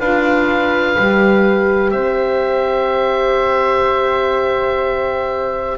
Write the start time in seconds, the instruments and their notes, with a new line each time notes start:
0.00 double bass D4, saxophone F4, flute B4, oboe F5
0.95 double bass G3, saxophone G4
1.92 double bass C4, flute C5, oboe E5